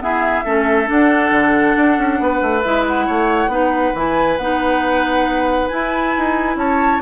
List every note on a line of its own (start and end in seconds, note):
0.00 0.44 B3
0.00 0.46 E4
0.00 0.44 G#4
0.00 0.90 E5
0.44 0.89 A3
0.44 0.86 C#4
0.44 2.20 A4
0.86 2.62 D4
0.86 1.31 D4
0.86 2.63 F#5
1.31 1.75 D3
1.77 1.98 D4
1.98 2.19 C#4
2.19 2.41 B3
2.19 3.07 B4
2.42 2.64 A3
2.63 3.08 G#3
2.63 3.50 E4
2.63 2.84 E5
2.87 3.96 F#5
3.07 3.47 A3
3.07 3.50 C#5
3.47 3.91 B3
3.47 3.93 D#4
3.47 6.58 B4
3.94 4.38 E3
3.94 4.40 E4
3.94 4.37 G#5
4.37 5.69 B3
4.37 5.71 D#4
4.37 5.68 F#5
5.68 7.02 E4
5.68 6.16 E4
5.68 6.56 G#5
6.18 6.56 D#4
6.56 6.99 C#4
6.56 7.02 C#5
6.56 7.02 A5